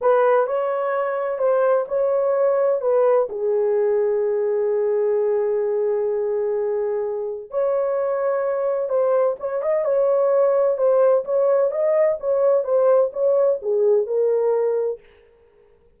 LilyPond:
\new Staff \with { instrumentName = "horn" } { \time 4/4 \tempo 4 = 128 b'4 cis''2 c''4 | cis''2 b'4 gis'4~ | gis'1~ | gis'1 |
cis''2. c''4 | cis''8 dis''8 cis''2 c''4 | cis''4 dis''4 cis''4 c''4 | cis''4 gis'4 ais'2 | }